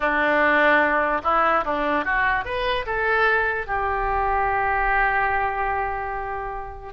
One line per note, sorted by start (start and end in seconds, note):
0.00 1.21 D4
1.23 1.64 E4
1.65 2.04 D4
2.04 2.45 F#4
2.45 2.85 B4
2.86 3.67 A4
3.67 6.93 G4